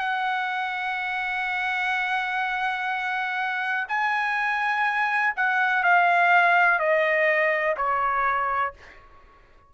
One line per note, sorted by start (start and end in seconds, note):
0.00 3.87 F#5
3.89 5.34 G#5
5.37 5.83 F#5
5.83 6.80 F5
6.80 7.76 D#5
7.77 8.74 C#5